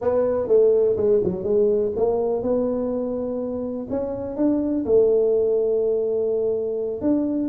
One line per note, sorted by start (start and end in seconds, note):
0.01 0.47 B3
0.47 0.96 A3
0.97 1.21 G#3
1.23 1.43 F#3
1.43 1.92 G#3
1.96 2.42 A#3
2.42 3.87 B3
3.90 4.36 C#4
4.36 4.84 D4
4.85 7.01 A3
7.01 7.48 D4